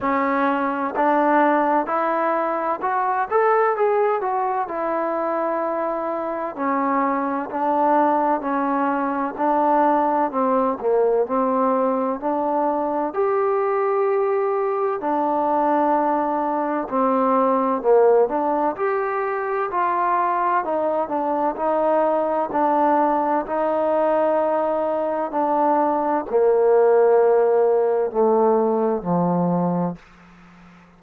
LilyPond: \new Staff \with { instrumentName = "trombone" } { \time 4/4 \tempo 4 = 64 cis'4 d'4 e'4 fis'8 a'8 | gis'8 fis'8 e'2 cis'4 | d'4 cis'4 d'4 c'8 ais8 | c'4 d'4 g'2 |
d'2 c'4 ais8 d'8 | g'4 f'4 dis'8 d'8 dis'4 | d'4 dis'2 d'4 | ais2 a4 f4 | }